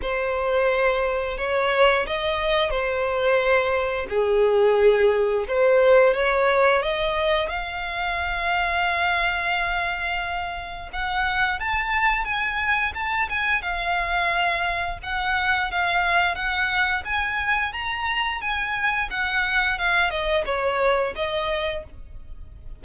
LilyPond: \new Staff \with { instrumentName = "violin" } { \time 4/4 \tempo 4 = 88 c''2 cis''4 dis''4 | c''2 gis'2 | c''4 cis''4 dis''4 f''4~ | f''1 |
fis''4 a''4 gis''4 a''8 gis''8 | f''2 fis''4 f''4 | fis''4 gis''4 ais''4 gis''4 | fis''4 f''8 dis''8 cis''4 dis''4 | }